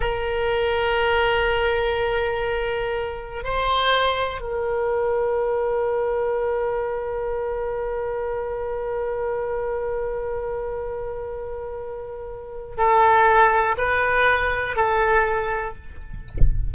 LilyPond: \new Staff \with { instrumentName = "oboe" } { \time 4/4 \tempo 4 = 122 ais'1~ | ais'2. c''4~ | c''4 ais'2.~ | ais'1~ |
ais'1~ | ais'1~ | ais'2 a'2 | b'2 a'2 | }